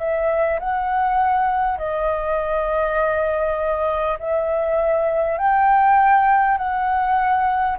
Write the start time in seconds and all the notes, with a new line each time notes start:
0.00 E5
0.60 F#5
1.79 D#5
4.20 E5
5.39 G5
6.58 F#5